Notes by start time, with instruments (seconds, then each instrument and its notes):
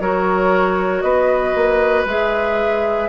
0.00 bassoon F#3, clarinet F#4, oboe A#4, flute C#5
1.01 bassoon B3, oboe B4, flute D#5
1.55 bassoon A#3
2.05 bassoon G#3, clarinet G#4, flute E5